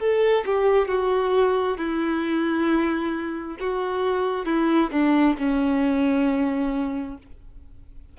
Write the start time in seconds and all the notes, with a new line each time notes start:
0.00 A4
0.46 G4
0.88 F#4
1.78 E4
3.60 F#4
4.46 E4
4.92 D4
5.39 C#4